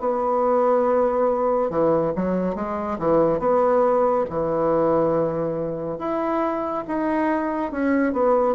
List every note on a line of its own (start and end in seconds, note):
0.00 1.69 B3
1.69 2.12 E3
2.15 2.55 F#3
2.55 2.98 G#3
2.99 3.39 E3
3.39 4.25 B3
4.29 5.98 E3
5.98 6.84 E4
6.88 7.71 D#4
7.71 8.12 C#4
8.12 8.55 B3